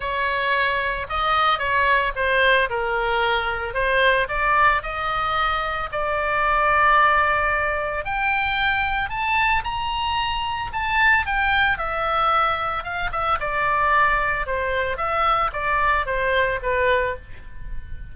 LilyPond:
\new Staff \with { instrumentName = "oboe" } { \time 4/4 \tempo 4 = 112 cis''2 dis''4 cis''4 | c''4 ais'2 c''4 | d''4 dis''2 d''4~ | d''2. g''4~ |
g''4 a''4 ais''2 | a''4 g''4 e''2 | f''8 e''8 d''2 c''4 | e''4 d''4 c''4 b'4 | }